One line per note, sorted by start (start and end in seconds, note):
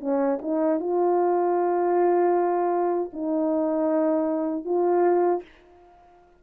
0.00 0.38 C#4
0.42 0.79 D#4
0.79 3.10 F4
3.13 4.64 D#4
4.64 5.41 F4